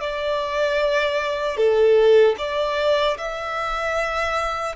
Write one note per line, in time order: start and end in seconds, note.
0.00 1.56 D5
1.56 2.35 A4
2.38 3.17 D5
3.17 4.75 E5